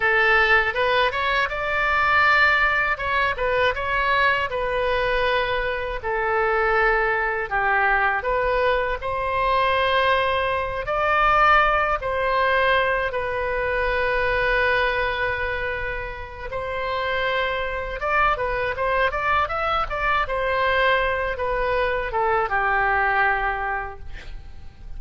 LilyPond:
\new Staff \with { instrumentName = "oboe" } { \time 4/4 \tempo 4 = 80 a'4 b'8 cis''8 d''2 | cis''8 b'8 cis''4 b'2 | a'2 g'4 b'4 | c''2~ c''8 d''4. |
c''4. b'2~ b'8~ | b'2 c''2 | d''8 b'8 c''8 d''8 e''8 d''8 c''4~ | c''8 b'4 a'8 g'2 | }